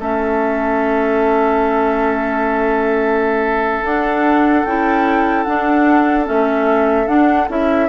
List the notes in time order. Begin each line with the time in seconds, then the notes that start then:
0.00 A3 C#4 A4 E5
3.83 D4 F#5
4.65 C#4 E4 G5
5.44 D4 F#5
6.26 A3 C#4 E5
7.07 D4 F#5
7.49 C#4 E4 E5